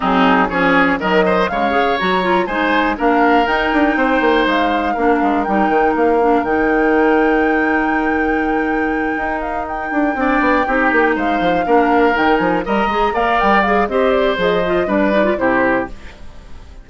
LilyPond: <<
  \new Staff \with { instrumentName = "flute" } { \time 4/4 \tempo 4 = 121 gis'4 cis''4 dis''4 f''4 | ais''4 gis''4 f''4 g''4~ | g''4 f''2 g''4 | f''4 g''2.~ |
g''2. f''8 g''8~ | g''2~ g''8 f''4.~ | f''8 g''8 gis''8 ais''4 f''8 g''8 f''8 | dis''8 d''8 dis''4 d''4 c''4 | }
  \new Staff \with { instrumentName = "oboe" } { \time 4/4 dis'4 gis'4 ais'8 c''8 cis''4~ | cis''4 c''4 ais'2 | c''2 ais'2~ | ais'1~ |
ais'1~ | ais'8 d''4 g'4 c''4 ais'8~ | ais'4. dis''4 d''4. | c''2 b'4 g'4 | }
  \new Staff \with { instrumentName = "clarinet" } { \time 4/4 c'4 cis'4 fis4 gis8 gis'8 | fis'8 f'8 dis'4 d'4 dis'4~ | dis'2 d'4 dis'4~ | dis'8 d'8 dis'2.~ |
dis'1~ | dis'8 d'4 dis'2 d'8~ | d'8 dis'4 ais'8 gis'8 ais'4 gis'8 | g'4 gis'8 f'8 d'8 dis'16 f'16 e'4 | }
  \new Staff \with { instrumentName = "bassoon" } { \time 4/4 fis4 f4 dis4 cis4 | fis4 gis4 ais4 dis'8 d'8 | c'8 ais8 gis4 ais8 gis8 g8 dis8 | ais4 dis2.~ |
dis2~ dis8 dis'4. | d'8 c'8 b8 c'8 ais8 gis8 f8 ais8~ | ais8 dis8 f8 g8 gis8 ais8 g4 | c'4 f4 g4 c4 | }
>>